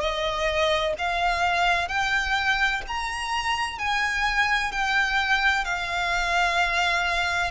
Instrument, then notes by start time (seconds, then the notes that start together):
violin
0.00 D#5
0.98 F5
1.88 G5
2.87 A#5
3.79 G#5
4.72 G5
5.65 F5